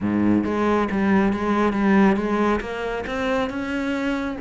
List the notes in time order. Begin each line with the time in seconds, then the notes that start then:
0.00 G#2
0.44 G#3
0.91 G3
1.33 G#3
1.72 G3
2.16 G#3
2.60 A#3
3.06 C4
3.49 C#4